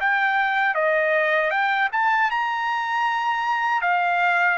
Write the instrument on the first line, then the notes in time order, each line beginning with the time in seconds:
trumpet
0.00 G5
0.74 D#5
1.50 G5
1.92 A5
2.30 A#5
3.81 F5